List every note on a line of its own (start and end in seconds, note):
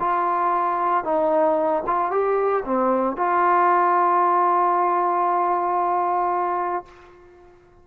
0.00 1.05 F4
1.05 1.83 D#4
1.87 2.11 F4
2.11 2.64 G4
2.65 3.17 C4
3.17 6.85 F4